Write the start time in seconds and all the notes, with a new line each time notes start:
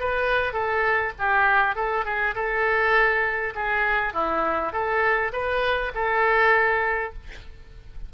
0.00 B4
0.53 A4
1.19 G4
1.75 A4
2.05 G#4
2.35 A4
3.55 G#4
4.13 E4
4.73 A4
5.33 B4
5.95 A4